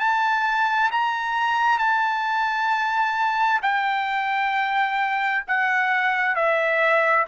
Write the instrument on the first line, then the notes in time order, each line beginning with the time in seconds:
trumpet
0.00 A5
0.92 A#5
1.79 A5
3.63 G5
5.48 F#5
6.36 E5